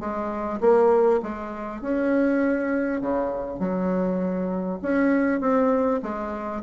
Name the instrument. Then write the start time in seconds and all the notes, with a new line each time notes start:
bassoon
0.00 G#3
0.61 A#3
1.23 G#3
1.82 C#4
3.01 C#3
3.59 F#3
4.83 C#4
5.41 C4
6.03 G#3